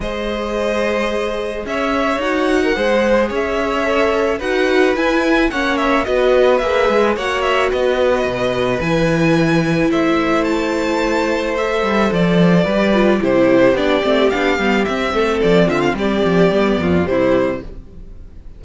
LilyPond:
<<
  \new Staff \with { instrumentName = "violin" } { \time 4/4 \tempo 4 = 109 dis''2. e''4 | fis''2 e''2 | fis''4 gis''4 fis''8 e''8 dis''4 | e''4 fis''8 e''8 dis''2 |
gis''2 e''4 a''4~ | a''4 e''4 d''2 | c''4 d''4 f''4 e''4 | d''8 e''16 f''16 d''2 c''4 | }
  \new Staff \with { instrumentName = "violin" } { \time 4/4 c''2. cis''4~ | cis''8. ais'16 c''4 cis''2 | b'2 cis''4 b'4~ | b'4 cis''4 b'2~ |
b'2 c''2~ | c''2. b'4 | g'2.~ g'8 a'8~ | a'8 f'8 g'4. f'8 e'4 | }
  \new Staff \with { instrumentName = "viola" } { \time 4/4 gis'1 | fis'4 gis'2 a'4 | fis'4 e'4 cis'4 fis'4 | gis'4 fis'2. |
e'1~ | e'4 a'2 g'8 f'8 | e'4 d'8 c'8 d'8 b8 c'4~ | c'2 b4 g4 | }
  \new Staff \with { instrumentName = "cello" } { \time 4/4 gis2. cis'4 | dis'4 gis4 cis'2 | dis'4 e'4 ais4 b4 | ais8 gis8 ais4 b4 b,4 |
e2 a2~ | a4. g8 f4 g4 | c4 b8 a8 b8 g8 c'8 a8 | f8 d8 g8 f8 g8 f,8 c4 | }
>>